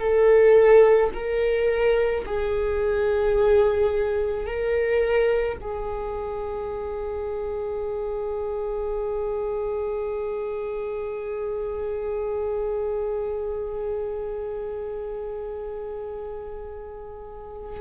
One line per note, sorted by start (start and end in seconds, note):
0.00 1.11 A4
1.14 2.25 A#4
2.26 4.46 G#4
4.46 5.58 A#4
5.61 17.81 G#4